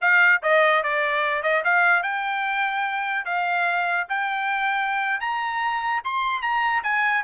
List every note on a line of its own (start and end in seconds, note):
0.01 0.42 F5
0.42 0.83 D#5
0.83 1.42 D5
1.42 1.63 D#5
1.64 2.02 F5
2.02 3.25 G5
3.25 4.07 F5
4.09 5.20 G5
5.20 6.01 A#5
6.04 6.41 C6
6.41 6.82 A#5
6.83 7.23 G#5